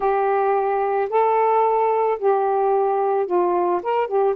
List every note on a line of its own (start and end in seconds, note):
0.00 1.09 G4
1.09 2.18 A4
2.18 3.26 G4
3.26 3.81 F4
3.82 4.07 A#4
4.07 4.34 G4